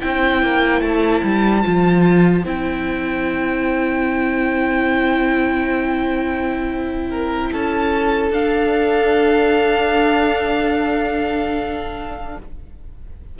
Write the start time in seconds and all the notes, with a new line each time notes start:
0.00 C4 E4 C5 G5
0.42 A#3
0.81 A3 A5
1.24 G3
1.62 F3 F4
2.45 C4 E4 G5
7.10 A#4
7.52 C#4 A4 A5
8.31 D4 F5